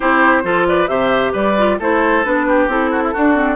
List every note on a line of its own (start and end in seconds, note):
0.00 0.44 C4
0.00 0.43 E4
0.00 0.42 G4
0.00 0.64 C5
0.43 0.88 F3
0.43 0.87 F4
0.43 0.67 A4
0.67 0.89 B4
0.67 0.87 D5
0.87 1.33 C3
0.87 1.54 G4
0.87 1.32 C5
0.87 1.32 E5
1.32 1.79 G3
1.32 1.77 B4
1.32 1.79 D5
1.57 1.79 F4
1.79 2.24 A3
1.79 2.24 E4
1.79 2.46 A4
1.79 2.24 C5
2.24 2.67 B3
2.24 2.69 D4
2.24 2.69 B4
2.47 2.90 G4
2.67 3.12 C4
2.67 3.14 E4
2.67 3.56 A4
2.90 3.01 F#4
3.03 3.13 E4
3.13 3.34 D4
3.13 3.56 D4
3.13 3.56 F#4
3.34 3.56 C4